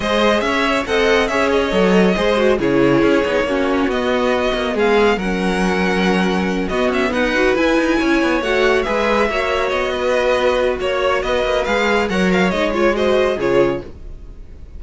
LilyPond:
<<
  \new Staff \with { instrumentName = "violin" } { \time 4/4 \tempo 4 = 139 dis''4 e''4 fis''4 e''8 dis''8~ | dis''2 cis''2~ | cis''4 dis''2 f''4 | fis''2.~ fis''8 dis''8 |
e''8 fis''4 gis''2 fis''8~ | fis''8 e''2 dis''4.~ | dis''4 cis''4 dis''4 f''4 | fis''8 f''8 dis''8 cis''8 dis''4 cis''4 | }
  \new Staff \with { instrumentName = "violin" } { \time 4/4 c''4 cis''4 dis''4 cis''4~ | cis''4 c''4 gis'2 | fis'2. gis'4 | ais'2.~ ais'8 fis'8~ |
fis'8 b'2 cis''4.~ | cis''8 b'4 cis''4. b'4~ | b'4 cis''4 b'2 | cis''2 c''4 gis'4 | }
  \new Staff \with { instrumentName = "viola" } { \time 4/4 gis'2 a'4 gis'4 | a'4 gis'8 fis'8 e'4. dis'8 | cis'4 b2. | cis'2.~ cis'8 b8~ |
b4 fis'8 e'2 fis'8~ | fis'8 gis'4 fis'2~ fis'8~ | fis'2. gis'4 | ais'4 dis'8 f'8 fis'4 f'4 | }
  \new Staff \with { instrumentName = "cello" } { \time 4/4 gis4 cis'4 c'4 cis'4 | fis4 gis4 cis4 cis'8 b8 | ais4 b4. ais8 gis4 | fis2.~ fis8 b8 |
cis'8 dis'4 e'8 dis'8 cis'8 b8 a8~ | a8 gis4 ais4 b4.~ | b4 ais4 b8 ais8 gis4 | fis4 gis2 cis4 | }
>>